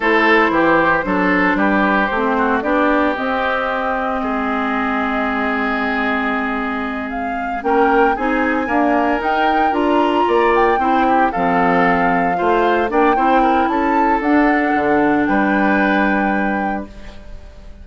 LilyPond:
<<
  \new Staff \with { instrumentName = "flute" } { \time 4/4 \tempo 4 = 114 c''2. b'4 | c''4 d''4 dis''2~ | dis''1~ | dis''4. f''4 g''4 gis''8~ |
gis''4. g''4 ais''4. | g''4. f''2~ f''8~ | f''8 g''4. a''4 fis''4~ | fis''4 g''2. | }
  \new Staff \with { instrumentName = "oboe" } { \time 4/4 a'4 g'4 a'4 g'4~ | g'8 fis'8 g'2. | gis'1~ | gis'2~ gis'8 ais'4 gis'8~ |
gis'8 ais'2. d''8~ | d''8 c''8 g'8 a'2 c''8~ | c''8 d''8 c''8 ais'8 a'2~ | a'4 b'2. | }
  \new Staff \with { instrumentName = "clarinet" } { \time 4/4 e'2 d'2 | c'4 d'4 c'2~ | c'1~ | c'2~ c'8 cis'4 dis'8~ |
dis'8 ais4 dis'4 f'4.~ | f'8 e'4 c'2 f'8~ | f'8 d'8 e'2 d'4~ | d'1 | }
  \new Staff \with { instrumentName = "bassoon" } { \time 4/4 a4 e4 fis4 g4 | a4 b4 c'2 | gis1~ | gis2~ gis8 ais4 c'8~ |
c'8 d'4 dis'4 d'4 ais8~ | ais8 c'4 f2 a8~ | a8 ais8 c'4 cis'4 d'4 | d4 g2. | }
>>